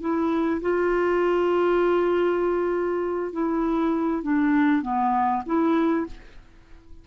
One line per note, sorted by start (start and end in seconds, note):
0.00 0.61 E4
0.61 3.32 F4
3.32 4.23 E4
4.23 4.82 D4
4.82 5.42 B3
5.46 6.06 E4